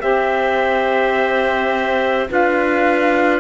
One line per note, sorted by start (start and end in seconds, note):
0.00 2.29 C4
0.00 2.26 G4
0.00 2.30 C5
0.00 2.28 E5
2.28 3.40 D4
2.28 3.40 F4
2.28 3.40 B4
2.28 3.40 F5